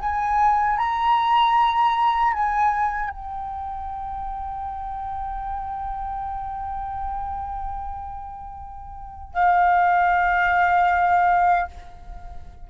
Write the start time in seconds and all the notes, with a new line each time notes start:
0.00 G#5
0.78 A#5
2.33 G#5
3.11 G5
9.34 F5